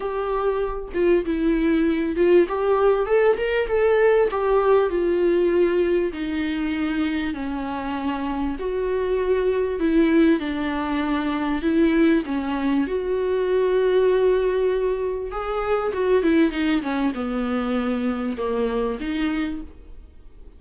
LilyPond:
\new Staff \with { instrumentName = "viola" } { \time 4/4 \tempo 4 = 98 g'4. f'8 e'4. f'8 | g'4 a'8 ais'8 a'4 g'4 | f'2 dis'2 | cis'2 fis'2 |
e'4 d'2 e'4 | cis'4 fis'2.~ | fis'4 gis'4 fis'8 e'8 dis'8 cis'8 | b2 ais4 dis'4 | }